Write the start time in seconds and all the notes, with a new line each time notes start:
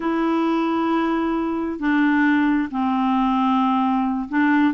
0.00 E4
1.79 D4
2.70 C4
4.29 D4